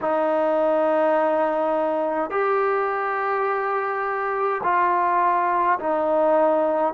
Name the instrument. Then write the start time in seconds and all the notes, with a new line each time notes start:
trombone
0.01 D#4
2.30 G4
4.63 F4
5.79 D#4